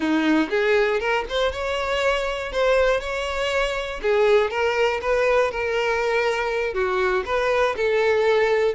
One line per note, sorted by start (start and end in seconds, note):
0.00 0.50 D#4
0.50 1.00 G#4
1.00 1.25 A#4
1.29 1.51 C5
1.51 2.51 C#5
2.52 3.00 C5
3.00 4.00 C#5
4.02 4.50 G#4
4.50 5.00 A#4
5.01 5.51 B4
5.51 6.74 A#4
6.74 7.24 F#4
7.25 7.75 B4
7.76 8.74 A4